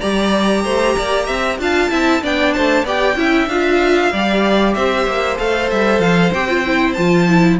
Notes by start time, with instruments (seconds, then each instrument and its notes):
0.00 cello G3, viola G4, violin D5 A#5
0.64 cello A3, violin C5
0.97 cello A#3, violin D5
1.26 cello C4, violin E5
1.59 cello D4, viola F4, violin F5 A5
1.90 cello C4, viola E4, violin E5
2.22 cello B3, viola D4, violin D5 G5
2.53 cello A3, violin C5 A5
2.84 cello B3, viola G4, violin D5 G5
3.16 cello C#4, viola E4, violin E5
3.47 cello D4, viola F4, violin F5
4.12 cello G3, viola G4, violin D5
4.74 cello C4, violin C5 E5
5.07 cello A#3
5.37 cello A3, viola A4, violin F5
5.71 cello G3, violin E5
5.99 cello F3, violin F5
6.34 cello C4, viola G4, violin G5
6.49 viola F4
6.65 viola E4
6.93 cello F3, viola F4, violin A5
7.28 viola E4